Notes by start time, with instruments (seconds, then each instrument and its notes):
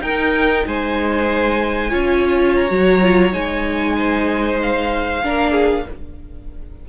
0.00 cello D#4, viola D#4, violin A#4 G5
0.66 cello G#3, violin C5 G#5
1.90 cello C#4, viola F4, violin C#5
2.55 violin A#5
2.68 cello F#3, viola F#4
3.02 viola F4
3.32 cello G#3, viola D#4, violin G#5
3.97 violin C5
4.62 violin F5
5.22 cello A#3, viola D4, violin A#4
5.51 violin G#4